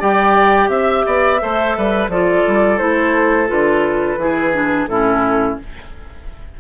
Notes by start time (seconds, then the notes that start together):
0.00 G3 G4 D5 G5
0.69 C4 E5
1.06 B3 D5
1.41 A3 A4 C5
1.78 G3 B4
2.08 F3 F4 A4 D5
2.47 G3
2.78 A3 E4 C5
3.48 D3 F4 B4
4.18 E3 E4 G#4
4.53 D4
4.87 A2 C#4 E4 A4